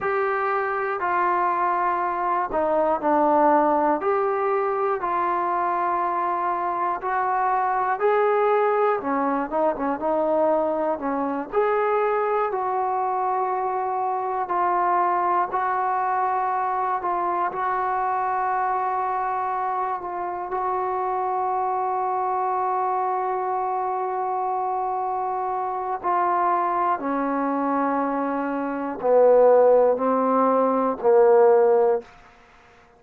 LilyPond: \new Staff \with { instrumentName = "trombone" } { \time 4/4 \tempo 4 = 60 g'4 f'4. dis'8 d'4 | g'4 f'2 fis'4 | gis'4 cis'8 dis'16 cis'16 dis'4 cis'8 gis'8~ | gis'8 fis'2 f'4 fis'8~ |
fis'4 f'8 fis'2~ fis'8 | f'8 fis'2.~ fis'8~ | fis'2 f'4 cis'4~ | cis'4 b4 c'4 ais4 | }